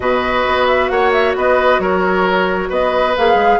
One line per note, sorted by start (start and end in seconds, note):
0.00 0.45 B2
0.00 3.13 F#4
0.00 0.91 B4
0.00 0.67 D#5
0.46 0.90 B3
0.67 0.89 E5
0.89 1.35 A#3
0.89 1.36 C#5
0.89 1.11 F#5
1.12 1.34 E5
1.35 1.78 B3
1.35 1.81 B4
1.35 1.80 D#5
1.78 2.69 F#3
1.78 2.69 A#4
1.78 2.70 C#5
2.69 3.15 B3
2.69 3.59 B4
2.69 3.16 D#5
3.17 3.34 A#3
3.17 3.59 G#4
3.17 3.59 F5
3.34 3.57 G#3